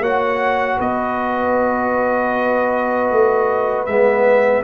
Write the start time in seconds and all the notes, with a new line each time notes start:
0.00 A#3 F#4 C#5 F#5
0.77 B3 B4 D#5
3.11 A3
3.86 G#3 B3 E5